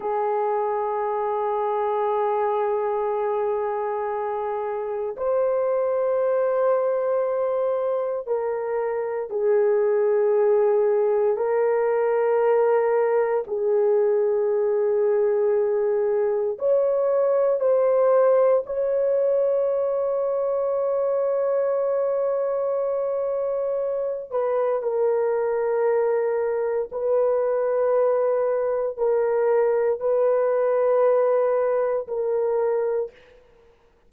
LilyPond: \new Staff \with { instrumentName = "horn" } { \time 4/4 \tempo 4 = 58 gis'1~ | gis'4 c''2. | ais'4 gis'2 ais'4~ | ais'4 gis'2. |
cis''4 c''4 cis''2~ | cis''2.~ cis''8 b'8 | ais'2 b'2 | ais'4 b'2 ais'4 | }